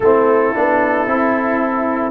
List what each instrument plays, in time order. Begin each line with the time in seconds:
0.00 tuba A3, trombone C4, horn E4, trumpet A4
0.54 tuba B3, trombone D4
1.06 tuba C4, trombone E4